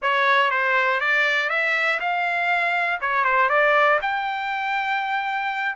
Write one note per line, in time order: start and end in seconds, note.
0.02 0.50 C#5
0.50 1.00 C5
1.00 1.49 D5
1.49 1.99 E5
2.00 3.00 F5
3.00 3.24 C#5
3.24 3.49 C5
3.49 3.99 D5
4.01 5.75 G5